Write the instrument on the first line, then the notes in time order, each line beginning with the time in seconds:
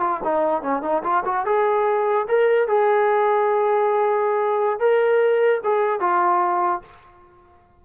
trombone
0.00 F4
0.24 D#4
0.62 C#4
0.82 D#4
1.03 F4
1.25 F#4
1.45 G#4
2.28 A#4
2.68 G#4
4.79 A#4
5.64 G#4
6.00 F4